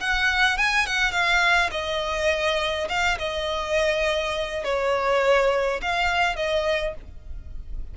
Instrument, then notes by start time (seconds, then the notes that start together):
violin
0.00 F#5
0.57 G#5
0.86 F#5
1.11 F5
1.71 D#5
2.88 F5
3.18 D#5
4.64 C#5
5.81 F5
6.36 D#5